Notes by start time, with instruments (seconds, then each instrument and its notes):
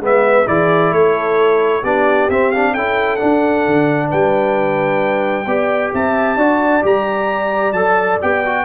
0.00 tuba G#3, trombone B3, horn B4, trumpet E5
0.46 tuba E3, trombone E4, horn G#4, trumpet D5
0.92 tuba A3, horn A4, trumpet C#5
1.82 tuba B3, trombone D4, horn G4, trumpet D5
2.29 tuba C4, trombone C4, trumpet E5
2.52 trombone D4, trumpet F5
2.73 tuba C#4, trombone E4, horn A4, trumpet G5
3.16 trombone D4, tuba D4, trumpet F#5
3.66 tuba D3
4.09 tuba G3, horn B4, trumpet G5
5.46 tuba B3, trombone G4, horn D5
5.93 tuba C4, horn E5, trumpet A5
6.36 tuba D4, trombone F#4, horn D5
6.82 tuba G3, trombone G4, trumpet A#5
7.72 tuba F#3, trombone A4, trumpet A5
8.21 tuba B3, trombone G4, trumpet G5
8.45 trombone F#4